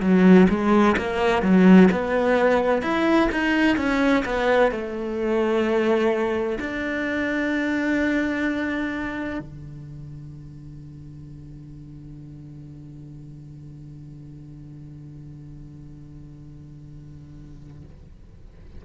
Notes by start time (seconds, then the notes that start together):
0.00 F#3
0.49 G#3
0.96 A#3
1.42 F#3
1.91 B3
2.82 E4
3.31 D#4
3.76 C#4
4.25 B3
4.71 A3
6.59 D4
9.39 D3